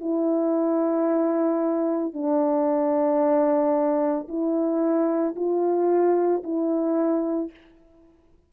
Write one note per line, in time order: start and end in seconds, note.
0.00 2.13 E4
2.13 4.28 D4
4.28 5.35 E4
5.36 6.43 F4
6.43 7.50 E4